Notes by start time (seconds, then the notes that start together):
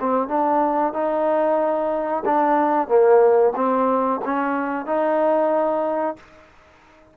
0.00 C4
0.28 D4
0.93 D#4
2.25 D4
2.88 A#3
3.56 C4
4.25 C#4
4.86 D#4